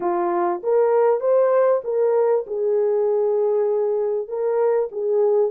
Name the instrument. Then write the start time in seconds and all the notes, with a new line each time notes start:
horn
0.00 F4
0.63 A#4
1.20 C5
1.84 A#4
2.46 G#4
4.27 A#4
4.91 G#4